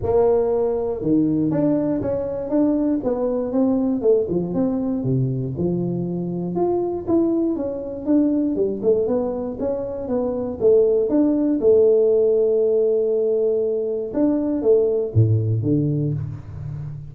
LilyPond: \new Staff \with { instrumentName = "tuba" } { \time 4/4 \tempo 4 = 119 ais2 dis4 d'4 | cis'4 d'4 b4 c'4 | a8 f8 c'4 c4 f4~ | f4 f'4 e'4 cis'4 |
d'4 g8 a8 b4 cis'4 | b4 a4 d'4 a4~ | a1 | d'4 a4 a,4 d4 | }